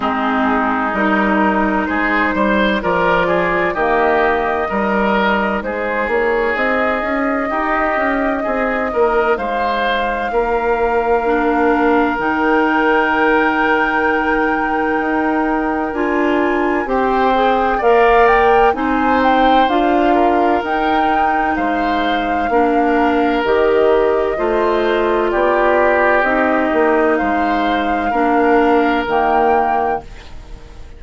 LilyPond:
<<
  \new Staff \with { instrumentName = "flute" } { \time 4/4 \tempo 4 = 64 gis'4 ais'4 c''4 d''4 | dis''2 c''8 cis''8 dis''4~ | dis''2 f''2~ | f''4 g''2.~ |
g''4 gis''4 g''4 f''8 g''8 | gis''8 g''8 f''4 g''4 f''4~ | f''4 dis''2 d''4 | dis''4 f''2 g''4 | }
  \new Staff \with { instrumentName = "oboe" } { \time 4/4 dis'2 gis'8 c''8 ais'8 gis'8 | g'4 ais'4 gis'2 | g'4 gis'8 ais'8 c''4 ais'4~ | ais'1~ |
ais'2 c''4 d''4 | c''4. ais'4. c''4 | ais'2 c''4 g'4~ | g'4 c''4 ais'2 | }
  \new Staff \with { instrumentName = "clarinet" } { \time 4/4 c'4 dis'2 f'4 | ais4 dis'2.~ | dis'1 | d'4 dis'2.~ |
dis'4 f'4 g'8 gis'8 ais'4 | dis'4 f'4 dis'2 | d'4 g'4 f'2 | dis'2 d'4 ais4 | }
  \new Staff \with { instrumentName = "bassoon" } { \time 4/4 gis4 g4 gis8 g8 f4 | dis4 g4 gis8 ais8 c'8 cis'8 | dis'8 cis'8 c'8 ais8 gis4 ais4~ | ais4 dis2. |
dis'4 d'4 c'4 ais4 | c'4 d'4 dis'4 gis4 | ais4 dis4 a4 b4 | c'8 ais8 gis4 ais4 dis4 | }
>>